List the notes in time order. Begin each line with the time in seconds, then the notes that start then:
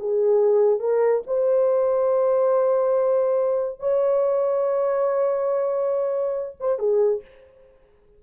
0.00 G#4
0.80 A#4
1.27 C5
3.80 C#5
6.61 C5
6.79 G#4